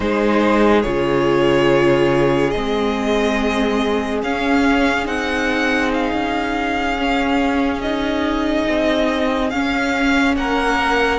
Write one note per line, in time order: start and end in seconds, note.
0.00 0.84 G#3
0.00 0.82 D#4
0.00 10.37 G#4
0.00 0.82 C5
0.82 2.54 C#3
0.82 2.53 F4
0.82 2.50 C#5
2.50 4.22 G#3
2.50 4.24 C4
2.50 4.19 D#5
4.22 5.06 C#4
4.22 5.05 C#4
4.22 5.07 F5
5.05 6.12 C4
5.05 6.95 D#4
5.05 5.91 F#5
5.93 7.81 F5
6.12 8.66 C#4
6.98 7.83 C#4
7.81 9.52 D#4
7.81 9.50 D#5
8.68 9.52 C4
9.50 10.36 C#4
9.50 11.18 C#4
9.50 10.34 F5
10.36 11.18 A#3
10.36 11.18 A#4
10.36 11.18 F#5